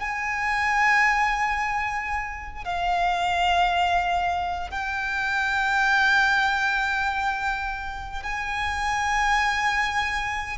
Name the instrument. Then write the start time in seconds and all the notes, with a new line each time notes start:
violin
0.00 G#5
2.65 F5
4.71 G5
8.24 G#5